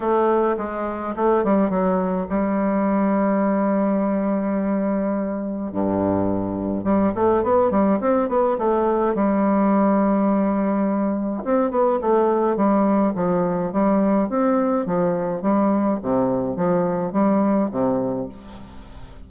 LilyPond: \new Staff \with { instrumentName = "bassoon" } { \time 4/4 \tempo 4 = 105 a4 gis4 a8 g8 fis4 | g1~ | g2 g,2 | g8 a8 b8 g8 c'8 b8 a4 |
g1 | c'8 b8 a4 g4 f4 | g4 c'4 f4 g4 | c4 f4 g4 c4 | }